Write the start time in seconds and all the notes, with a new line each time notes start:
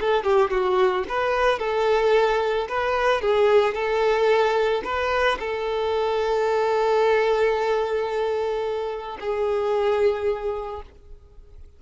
0.00 A4
0.24 G4
0.50 F#4
1.08 B4
1.59 A4
2.68 B4
3.21 G#4
3.74 A4
4.84 B4
5.39 A4
9.20 G#4